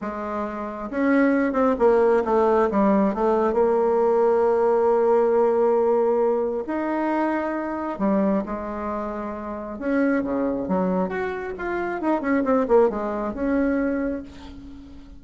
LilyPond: \new Staff \with { instrumentName = "bassoon" } { \time 4/4 \tempo 4 = 135 gis2 cis'4. c'8 | ais4 a4 g4 a4 | ais1~ | ais2. dis'4~ |
dis'2 g4 gis4~ | gis2 cis'4 cis4 | fis4 fis'4 f'4 dis'8 cis'8 | c'8 ais8 gis4 cis'2 | }